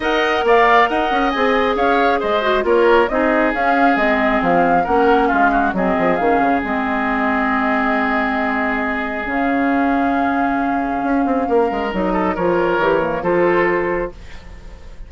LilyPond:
<<
  \new Staff \with { instrumentName = "flute" } { \time 4/4 \tempo 4 = 136 fis''4 f''4 fis''4 gis''4 | f''4 dis''4 cis''4 dis''4 | f''4 dis''4 f''4 fis''4 | f''4 dis''4 f''4 dis''4~ |
dis''1~ | dis''4 f''2.~ | f''2. dis''4 | cis''2 c''2 | }
  \new Staff \with { instrumentName = "oboe" } { \time 4/4 dis''4 d''4 dis''2 | cis''4 c''4 ais'4 gis'4~ | gis'2. ais'4 | f'8 fis'8 gis'2.~ |
gis'1~ | gis'1~ | gis'2 ais'4. a'8 | ais'2 a'2 | }
  \new Staff \with { instrumentName = "clarinet" } { \time 4/4 ais'2. gis'4~ | gis'4. fis'8 f'4 dis'4 | cis'4 c'2 cis'4~ | cis'4 c'4 cis'4 c'4~ |
c'1~ | c'4 cis'2.~ | cis'2. dis'4 | f'4 g'8 ais8 f'2 | }
  \new Staff \with { instrumentName = "bassoon" } { \time 4/4 dis'4 ais4 dis'8 cis'8 c'4 | cis'4 gis4 ais4 c'4 | cis'4 gis4 f4 ais4 | gis4 fis8 f8 dis8 cis8 gis4~ |
gis1~ | gis4 cis2.~ | cis4 cis'8 c'8 ais8 gis8 fis4 | f4 e4 f2 | }
>>